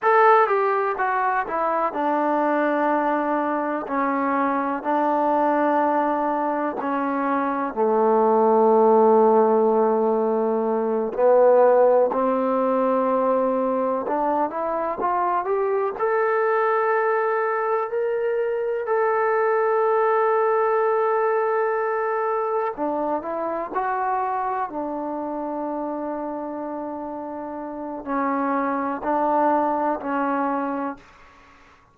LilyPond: \new Staff \with { instrumentName = "trombone" } { \time 4/4 \tempo 4 = 62 a'8 g'8 fis'8 e'8 d'2 | cis'4 d'2 cis'4 | a2.~ a8 b8~ | b8 c'2 d'8 e'8 f'8 |
g'8 a'2 ais'4 a'8~ | a'2.~ a'8 d'8 | e'8 fis'4 d'2~ d'8~ | d'4 cis'4 d'4 cis'4 | }